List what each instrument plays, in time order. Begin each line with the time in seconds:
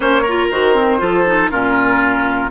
0.00 bassoon A#3, clarinet C#4, oboe C5, flute C#5
0.22 clarinet F4, oboe A#4
0.50 bassoon D#3, clarinet F#4, flute C5
0.75 clarinet C4
0.98 bassoon F3, clarinet F4, oboe A4
1.26 clarinet D#4
1.50 bassoon A#2, clarinet C#4, oboe F4, flute A#4